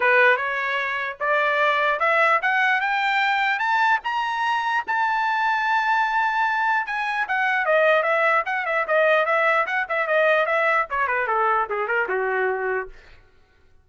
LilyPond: \new Staff \with { instrumentName = "trumpet" } { \time 4/4 \tempo 4 = 149 b'4 cis''2 d''4~ | d''4 e''4 fis''4 g''4~ | g''4 a''4 ais''2 | a''1~ |
a''4 gis''4 fis''4 dis''4 | e''4 fis''8 e''8 dis''4 e''4 | fis''8 e''8 dis''4 e''4 cis''8 b'8 | a'4 gis'8 ais'8 fis'2 | }